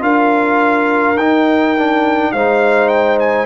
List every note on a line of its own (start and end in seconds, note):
0.00 1.16 D4
0.00 1.15 F4
0.00 2.34 A#4
0.00 1.18 F5
1.16 2.31 D#4
1.16 1.78 D#4
1.16 2.32 G5
1.78 2.36 D4
2.32 3.46 G#3
2.32 3.46 D#4
2.32 3.46 C5
2.32 2.89 F5
2.89 3.18 G5
3.20 3.46 G#5